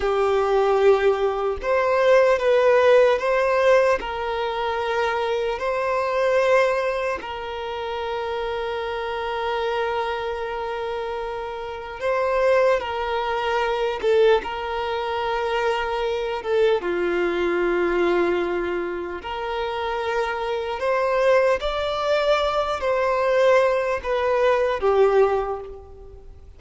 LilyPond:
\new Staff \with { instrumentName = "violin" } { \time 4/4 \tempo 4 = 75 g'2 c''4 b'4 | c''4 ais'2 c''4~ | c''4 ais'2.~ | ais'2. c''4 |
ais'4. a'8 ais'2~ | ais'8 a'8 f'2. | ais'2 c''4 d''4~ | d''8 c''4. b'4 g'4 | }